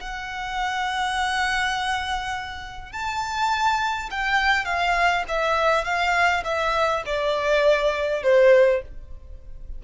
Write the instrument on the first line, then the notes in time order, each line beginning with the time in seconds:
violin
0.00 F#5
2.92 A5
4.10 G5
4.65 F5
5.28 E5
5.84 F5
6.44 E5
7.05 D5
8.23 C5